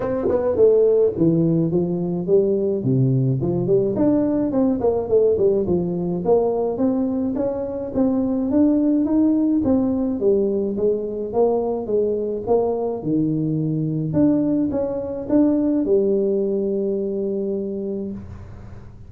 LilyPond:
\new Staff \with { instrumentName = "tuba" } { \time 4/4 \tempo 4 = 106 c'8 b8 a4 e4 f4 | g4 c4 f8 g8 d'4 | c'8 ais8 a8 g8 f4 ais4 | c'4 cis'4 c'4 d'4 |
dis'4 c'4 g4 gis4 | ais4 gis4 ais4 dis4~ | dis4 d'4 cis'4 d'4 | g1 | }